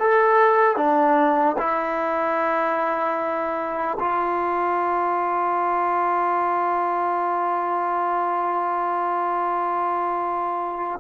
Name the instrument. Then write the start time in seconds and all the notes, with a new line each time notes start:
trombone
0.00 A4
0.76 D4
1.58 E4
4.00 F4